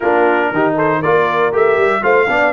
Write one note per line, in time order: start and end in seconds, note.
0.00 0.52 A#3
0.00 0.54 D4
0.00 0.51 F4
0.00 0.74 A#4
0.52 1.02 D#3
0.52 1.03 D#4
0.52 0.75 G4
0.75 1.01 A4
0.75 1.01 C5
1.01 1.52 A#3
1.01 1.52 F4
1.01 2.02 A#4
1.01 1.52 D5
1.52 1.76 A3
1.52 2.01 G4
1.52 2.03 E5
1.76 2.02 G3
2.01 2.28 A3
2.01 2.27 F4
2.01 2.28 C5
2.01 2.53 F5
2.29 2.53 B3
2.29 2.53 D4
2.29 2.53 D5